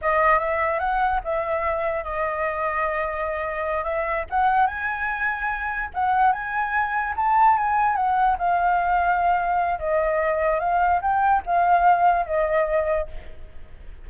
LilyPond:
\new Staff \with { instrumentName = "flute" } { \time 4/4 \tempo 4 = 147 dis''4 e''4 fis''4 e''4~ | e''4 dis''2.~ | dis''4. e''4 fis''4 gis''8~ | gis''2~ gis''8 fis''4 gis''8~ |
gis''4. a''4 gis''4 fis''8~ | fis''8 f''2.~ f''8 | dis''2 f''4 g''4 | f''2 dis''2 | }